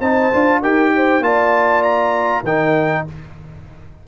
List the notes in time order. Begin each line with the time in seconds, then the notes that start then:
0.00 C4 D#4 C5 A5
0.33 D4 F4
0.62 D#4 G4 A#4 G5
0.96 C5
1.21 A#3 F4 D5 A5
1.83 A#5
2.43 D#3 D#4 A#4 G5